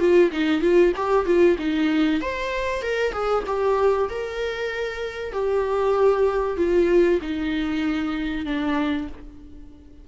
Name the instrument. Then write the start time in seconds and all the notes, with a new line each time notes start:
viola
0.00 F4
0.32 D#4
0.62 F4
0.96 G4
1.26 F4
1.59 D#4
2.21 C5
2.82 A#4
3.13 G#4
3.47 G4
4.10 A#4
5.33 G4
6.57 F4
7.22 D#4
8.46 D4